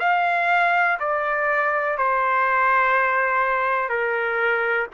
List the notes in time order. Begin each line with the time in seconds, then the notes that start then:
0.00 F5
1.00 D5
1.98 C5
3.89 A#4